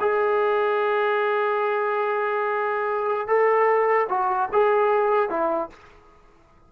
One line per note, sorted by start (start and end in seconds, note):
0.00 3.28 G#4
3.28 4.08 A4
4.09 4.49 F#4
4.53 5.30 G#4
5.30 5.70 E4